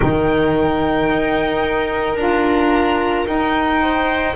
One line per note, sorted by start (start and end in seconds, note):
0.00 1.09 D#3
0.00 2.17 D#4
0.00 3.82 A#4
0.00 2.16 G5
1.09 2.16 D#4
2.16 3.25 D4
2.16 3.25 F4
2.16 3.25 A#5
3.25 4.35 D#4
3.25 4.35 G5
3.82 4.35 C5